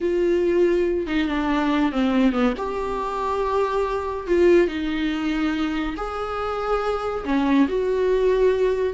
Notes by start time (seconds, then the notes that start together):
0.01 F4
1.06 D#4
1.28 D4
1.91 C4
2.32 B3
2.57 G4
4.27 F4
4.67 D#4
5.96 G#4
7.25 C#4
7.68 F#4